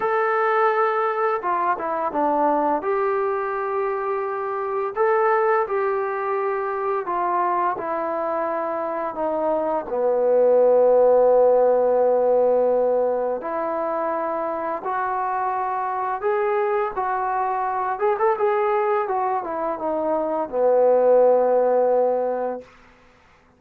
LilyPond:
\new Staff \with { instrumentName = "trombone" } { \time 4/4 \tempo 4 = 85 a'2 f'8 e'8 d'4 | g'2. a'4 | g'2 f'4 e'4~ | e'4 dis'4 b2~ |
b2. e'4~ | e'4 fis'2 gis'4 | fis'4. gis'16 a'16 gis'4 fis'8 e'8 | dis'4 b2. | }